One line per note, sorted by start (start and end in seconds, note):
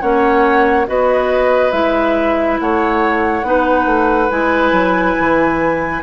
0.00 0.87 A#3
0.00 0.86 C#4
0.00 0.86 C#5
0.00 0.86 F#5
0.86 1.72 B3
0.86 1.71 F#4
0.86 2.60 B4
0.86 1.71 D#5
1.71 2.58 G#3
1.71 3.43 E4
1.71 2.57 E5
2.59 3.42 A3
2.59 3.46 C#5
2.59 4.30 F#5
3.42 3.85 B3
3.42 4.29 D#4
3.42 6.02 B4
3.86 4.28 A3
4.29 4.71 G#3
4.29 6.01 E4
4.29 6.01 G#5
4.71 5.14 F#3
5.19 6.02 E3